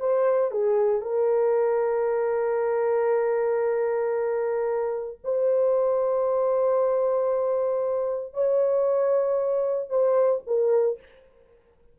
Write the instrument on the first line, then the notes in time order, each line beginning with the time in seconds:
horn
0.00 C5
0.51 G#4
1.02 A#4
5.24 C5
8.34 C#5
9.90 C5
10.47 A#4